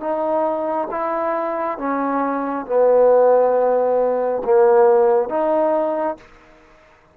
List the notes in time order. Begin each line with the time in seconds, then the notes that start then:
0.00 D#4
0.91 E4
1.78 C#4
2.66 B3
4.44 A#3
5.29 D#4